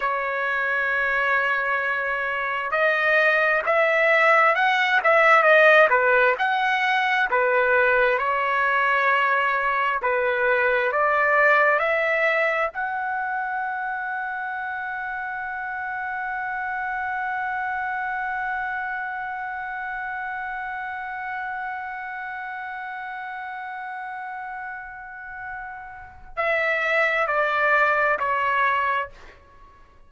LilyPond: \new Staff \with { instrumentName = "trumpet" } { \time 4/4 \tempo 4 = 66 cis''2. dis''4 | e''4 fis''8 e''8 dis''8 b'8 fis''4 | b'4 cis''2 b'4 | d''4 e''4 fis''2~ |
fis''1~ | fis''1~ | fis''1~ | fis''4 e''4 d''4 cis''4 | }